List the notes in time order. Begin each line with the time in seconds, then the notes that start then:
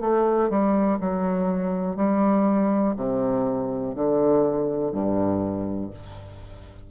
0.00 A3
0.49 G3
1.00 F#3
1.96 G3
2.96 C3
3.95 D3
4.92 G2